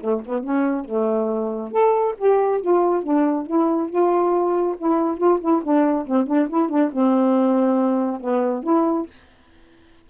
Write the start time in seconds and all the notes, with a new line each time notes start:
0.00 A3
0.25 B3
0.43 C#4
0.84 A3
1.71 A4
2.18 G4
2.61 F4
3.03 D4
3.46 E4
3.89 F4
4.77 E4
5.17 F4
5.41 E4
5.63 D4
6.06 C4
6.26 D4
6.49 E4
6.69 D4
6.92 C4
8.20 B3
8.63 E4